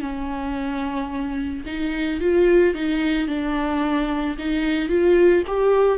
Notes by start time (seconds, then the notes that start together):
0.00 C#4
1.66 D#4
2.20 F4
2.74 D#4
3.27 D4
4.38 D#4
4.88 F4
5.47 G4